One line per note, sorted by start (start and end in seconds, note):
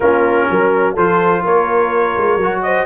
0.00 0.47 A#3
0.00 0.96 C#4
0.00 0.50 F4
0.00 0.95 A#4
0.50 0.96 F#3
0.50 0.93 A#4
0.93 1.44 F3
0.93 2.40 F4
0.93 1.41 A4
0.93 1.45 C5
1.42 2.16 A#3
1.42 2.62 A#4
1.42 2.62 C#5
2.17 2.36 G#3
2.36 2.84 F#3
2.42 2.85 F#4
2.62 2.85 C5
2.62 2.85 D#5